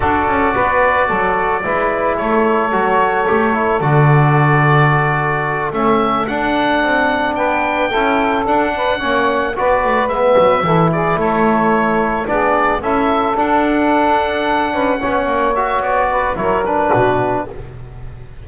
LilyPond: <<
  \new Staff \with { instrumentName = "oboe" } { \time 4/4 \tempo 4 = 110 d''1 | cis''2. d''4~ | d''2~ d''8 e''4 fis''8~ | fis''4. g''2 fis''8~ |
fis''4. d''4 e''4. | d''8 cis''2 d''4 e''8~ | e''8 fis''2.~ fis''8~ | fis''8 e''8 d''4 cis''8 b'4. | }
  \new Staff \with { instrumentName = "saxophone" } { \time 4/4 a'4 b'4 a'4 b'4 | a'1~ | a'1~ | a'4. b'4 a'4. |
b'8 cis''4 b'2 a'8 | gis'8 a'2 gis'4 a'8~ | a'2. b'8 cis''8~ | cis''4. b'8 ais'4 fis'4 | }
  \new Staff \with { instrumentName = "trombone" } { \time 4/4 fis'2. e'4~ | e'4 fis'4 g'8 e'8 fis'4~ | fis'2~ fis'8 cis'4 d'8~ | d'2~ d'8 e'4 d'8~ |
d'8 cis'4 fis'4 b4 e'8~ | e'2~ e'8 d'4 e'8~ | e'8 d'2. cis'8~ | cis'8 fis'4. e'8 d'4. | }
  \new Staff \with { instrumentName = "double bass" } { \time 4/4 d'8 cis'8 b4 fis4 gis4 | a4 fis4 a4 d4~ | d2~ d8 a4 d'8~ | d'8 c'4 b4 cis'4 d'8~ |
d'8 ais4 b8 a8 gis8 fis8 e8~ | e8 a2 b4 cis'8~ | cis'8 d'2~ d'8 cis'8 b8 | ais4 b4 fis4 b,4 | }
>>